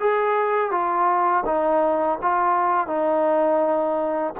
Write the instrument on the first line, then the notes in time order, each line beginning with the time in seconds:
trombone
0.00 G#4
0.71 F4
1.46 D#4
2.22 F4
2.87 D#4